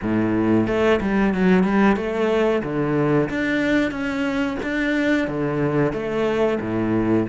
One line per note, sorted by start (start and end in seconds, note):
0.02 0.67 A2
0.67 1.00 A3
1.00 1.34 G3
1.34 1.63 F#3
1.63 1.96 G3
1.96 2.62 A3
2.63 3.29 D3
3.29 3.91 D4
3.91 4.56 C#4
4.62 5.27 D4
5.27 5.93 D3
5.93 6.58 A3
6.60 7.26 A2